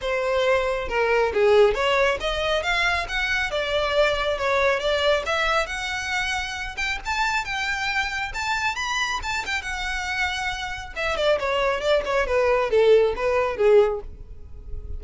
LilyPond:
\new Staff \with { instrumentName = "violin" } { \time 4/4 \tempo 4 = 137 c''2 ais'4 gis'4 | cis''4 dis''4 f''4 fis''4 | d''2 cis''4 d''4 | e''4 fis''2~ fis''8 g''8 |
a''4 g''2 a''4 | b''4 a''8 g''8 fis''2~ | fis''4 e''8 d''8 cis''4 d''8 cis''8 | b'4 a'4 b'4 gis'4 | }